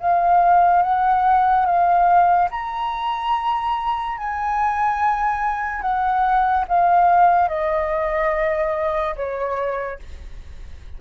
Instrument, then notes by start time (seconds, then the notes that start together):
flute
0.00 F5
0.82 F#5
1.66 F5
2.51 A#5
4.17 G#5
5.81 F#5
6.67 F5
7.48 D#5
9.16 C#5